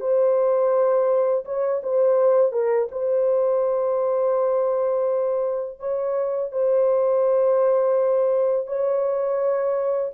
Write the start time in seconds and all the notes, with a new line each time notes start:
0.00 C5
1.45 C#5
1.83 C5
2.52 A#4
2.91 C5
5.79 C#5
6.52 C5
8.67 C#5